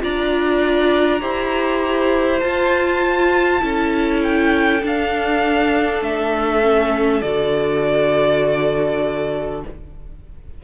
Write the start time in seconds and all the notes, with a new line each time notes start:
0.00 D4 F4 D5 A#5
1.21 E4 G4 C5
2.40 F4 A5
3.60 C#4 E4 A4
4.23 G5
4.82 D4 F5
6.01 A3 E5
6.61 C#4
7.21 D3 F#4 D5